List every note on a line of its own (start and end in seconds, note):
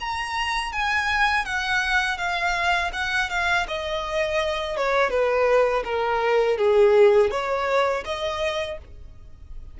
0.00 0.72 A#5
0.72 1.45 G#5
1.45 2.18 F#5
2.18 2.91 F5
2.93 3.29 F#5
3.30 3.66 F5
3.68 4.77 D#5
4.77 5.10 C#5
5.10 5.83 B4
5.84 6.58 A#4
6.58 7.31 G#4
7.31 8.04 C#5
8.05 8.78 D#5